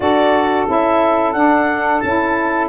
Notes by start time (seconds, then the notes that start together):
0.00 D4 F#4 A4 D5
0.66 C#4 E4 E5
1.32 D4 F#5
2.00 C#4 E4 A5